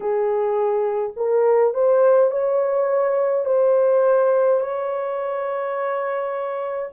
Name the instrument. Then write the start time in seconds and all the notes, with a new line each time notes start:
horn
0.00 G#4
1.16 A#4
1.74 C5
2.31 C#5
3.45 C5
4.60 C#5